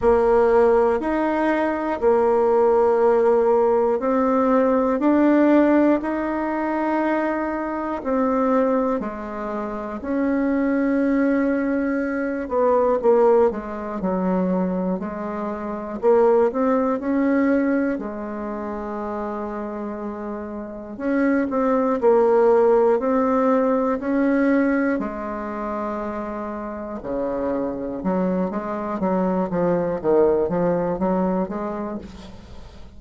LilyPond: \new Staff \with { instrumentName = "bassoon" } { \time 4/4 \tempo 4 = 60 ais4 dis'4 ais2 | c'4 d'4 dis'2 | c'4 gis4 cis'2~ | cis'8 b8 ais8 gis8 fis4 gis4 |
ais8 c'8 cis'4 gis2~ | gis4 cis'8 c'8 ais4 c'4 | cis'4 gis2 cis4 | fis8 gis8 fis8 f8 dis8 f8 fis8 gis8 | }